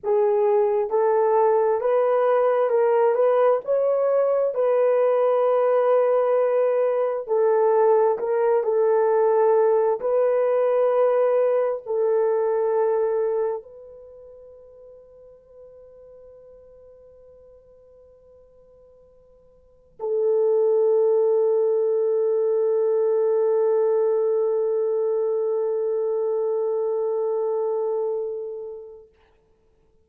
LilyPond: \new Staff \with { instrumentName = "horn" } { \time 4/4 \tempo 4 = 66 gis'4 a'4 b'4 ais'8 b'8 | cis''4 b'2. | a'4 ais'8 a'4. b'4~ | b'4 a'2 b'4~ |
b'1~ | b'2 a'2~ | a'1~ | a'1 | }